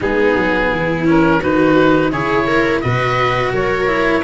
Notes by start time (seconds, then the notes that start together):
0.00 G#3 B3 D#4 G#4
0.34 F#3
0.70 E3 E4
1.05 C#4 A#4
1.39 D#3 D#4 F#4 B4
2.11 C#3 E4 G#4 C#5
2.46 A#4
2.81 B2 F#4 B4 D#5
3.51 F#3 A#4 C#5
3.87 E4